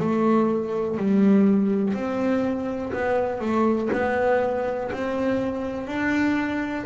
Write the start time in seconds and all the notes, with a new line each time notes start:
0.00 A3
0.98 G3
1.94 C4
2.93 B3
3.41 A3
3.93 B3
4.93 C4
5.87 D4